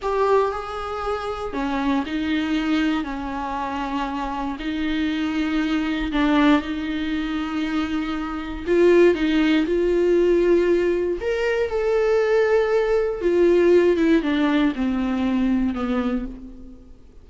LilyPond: \new Staff \with { instrumentName = "viola" } { \time 4/4 \tempo 4 = 118 g'4 gis'2 cis'4 | dis'2 cis'2~ | cis'4 dis'2. | d'4 dis'2.~ |
dis'4 f'4 dis'4 f'4~ | f'2 ais'4 a'4~ | a'2 f'4. e'8 | d'4 c'2 b4 | }